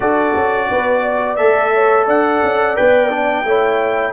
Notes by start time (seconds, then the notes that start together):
0.00 D4 F#4 A4 D5
0.35 C#4
0.71 B3 B4
1.02 D5
1.35 A3 A4 E5
1.73 C#5
2.05 D4 D5 F#5
2.43 C#4
2.75 B3 B4 G5
3.09 D4
3.44 A3 E4 C#5